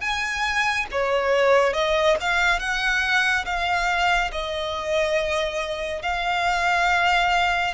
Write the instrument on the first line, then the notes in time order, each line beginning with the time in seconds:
violin
0.00 G#5
0.91 C#5
1.73 D#5
2.20 F5
2.59 F#5
3.45 F5
4.31 D#5
6.02 F5